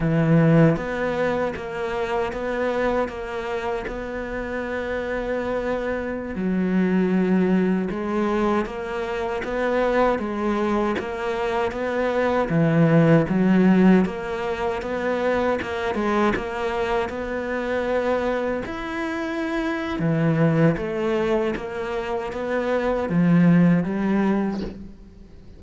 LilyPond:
\new Staff \with { instrumentName = "cello" } { \time 4/4 \tempo 4 = 78 e4 b4 ais4 b4 | ais4 b2.~ | b16 fis2 gis4 ais8.~ | ais16 b4 gis4 ais4 b8.~ |
b16 e4 fis4 ais4 b8.~ | b16 ais8 gis8 ais4 b4.~ b16~ | b16 e'4.~ e'16 e4 a4 | ais4 b4 f4 g4 | }